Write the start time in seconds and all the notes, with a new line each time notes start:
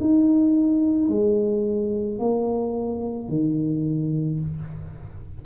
0.00 D#4
1.09 G#3
2.19 A#3
3.29 D#3